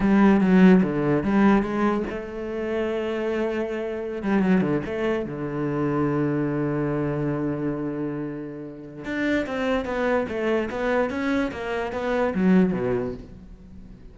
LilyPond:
\new Staff \with { instrumentName = "cello" } { \time 4/4 \tempo 4 = 146 g4 fis4 d4 g4 | gis4 a2.~ | a2~ a16 g8 fis8 d8 a16~ | a8. d2.~ d16~ |
d1~ | d2 d'4 c'4 | b4 a4 b4 cis'4 | ais4 b4 fis4 b,4 | }